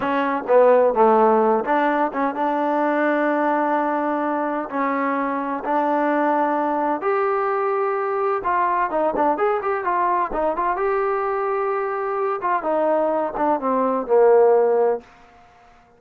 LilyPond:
\new Staff \with { instrumentName = "trombone" } { \time 4/4 \tempo 4 = 128 cis'4 b4 a4. d'8~ | d'8 cis'8 d'2.~ | d'2 cis'2 | d'2. g'4~ |
g'2 f'4 dis'8 d'8 | gis'8 g'8 f'4 dis'8 f'8 g'4~ | g'2~ g'8 f'8 dis'4~ | dis'8 d'8 c'4 ais2 | }